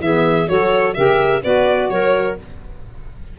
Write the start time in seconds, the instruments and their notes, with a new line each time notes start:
0.00 tuba E3, saxophone B3, clarinet G#4, violin E5
0.47 tuba F#3, saxophone F#4, clarinet A4, violin C#5
0.94 tuba C#3, saxophone G4, clarinet A#4, violin E5
1.43 tuba B3, saxophone F#4, clarinet B4, violin D5
1.90 tuba F#3, clarinet A#4, violin C#5